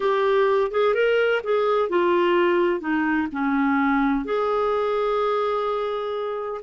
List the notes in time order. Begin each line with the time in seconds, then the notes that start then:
0.00 G4
0.71 G#4
0.94 A#4
1.43 G#4
1.89 F4
2.80 D#4
3.32 C#4
4.25 G#4